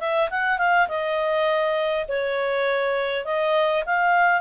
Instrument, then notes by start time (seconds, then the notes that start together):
clarinet
0.00 E5
0.30 F#5
0.58 F5
0.88 D#5
2.08 C#5
3.25 D#5
3.85 F5